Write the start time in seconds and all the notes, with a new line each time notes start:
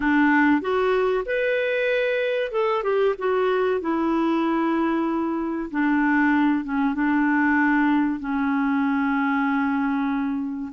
0.00 D4
0.61 F#4
1.25 B4
2.51 A4
2.83 G4
3.18 F#4
3.80 E4
5.70 D4
6.64 C#4
6.94 D4
8.19 C#4